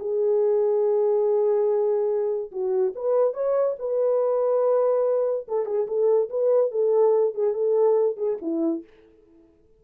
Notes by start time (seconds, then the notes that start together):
0.00 G#4
2.52 F#4
2.95 B4
3.34 C#5
3.79 B4
5.49 A4
5.66 G#4
5.88 A4
6.30 B4
6.72 A4
7.35 G#4
7.54 A4
8.17 G#4
8.42 E4